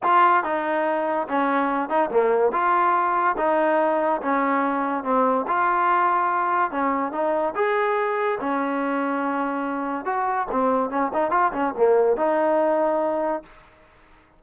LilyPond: \new Staff \with { instrumentName = "trombone" } { \time 4/4 \tempo 4 = 143 f'4 dis'2 cis'4~ | cis'8 dis'8 ais4 f'2 | dis'2 cis'2 | c'4 f'2. |
cis'4 dis'4 gis'2 | cis'1 | fis'4 c'4 cis'8 dis'8 f'8 cis'8 | ais4 dis'2. | }